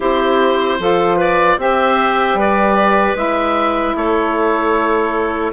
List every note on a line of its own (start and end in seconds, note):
0.00 0.79 C4
0.00 0.79 E4
0.00 0.79 G4
0.00 1.19 C5
0.79 1.57 F3
0.79 1.58 F4
0.79 1.16 A4
1.16 1.56 B4
1.16 1.60 D5
1.57 2.34 C4
1.57 3.14 G4
1.57 2.38 C5
1.57 2.39 E5
2.34 3.12 G3
2.34 3.96 B4
2.40 3.17 D5
3.14 3.94 G#3
3.14 5.51 E4
3.14 3.96 E5
3.95 5.52 A3
3.95 5.52 A4
3.95 5.52 C#5